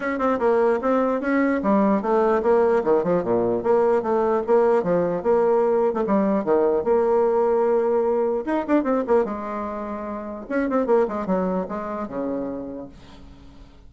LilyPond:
\new Staff \with { instrumentName = "bassoon" } { \time 4/4 \tempo 4 = 149 cis'8 c'8 ais4 c'4 cis'4 | g4 a4 ais4 dis8 f8 | ais,4 ais4 a4 ais4 | f4 ais4.~ ais16 a16 g4 |
dis4 ais2.~ | ais4 dis'8 d'8 c'8 ais8 gis4~ | gis2 cis'8 c'8 ais8 gis8 | fis4 gis4 cis2 | }